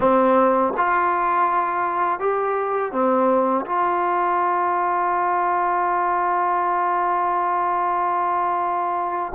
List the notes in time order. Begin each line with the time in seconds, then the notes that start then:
0.00 C4
0.77 F4
2.19 G4
2.92 C4
3.66 F4